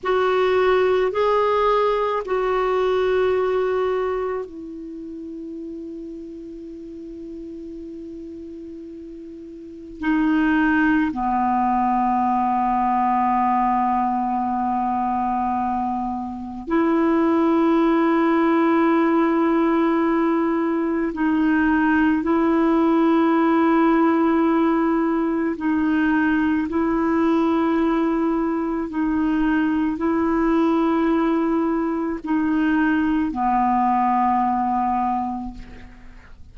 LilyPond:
\new Staff \with { instrumentName = "clarinet" } { \time 4/4 \tempo 4 = 54 fis'4 gis'4 fis'2 | e'1~ | e'4 dis'4 b2~ | b2. e'4~ |
e'2. dis'4 | e'2. dis'4 | e'2 dis'4 e'4~ | e'4 dis'4 b2 | }